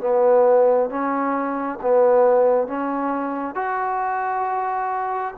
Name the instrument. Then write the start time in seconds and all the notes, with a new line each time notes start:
trombone
0.00 B3
0.90 C#4
1.82 B3
2.67 C#4
3.55 F#4